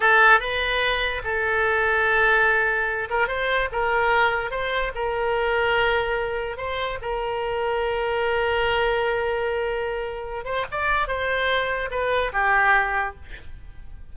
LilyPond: \new Staff \with { instrumentName = "oboe" } { \time 4/4 \tempo 4 = 146 a'4 b'2 a'4~ | a'2.~ a'8 ais'8 | c''4 ais'2 c''4 | ais'1 |
c''4 ais'2.~ | ais'1~ | ais'4. c''8 d''4 c''4~ | c''4 b'4 g'2 | }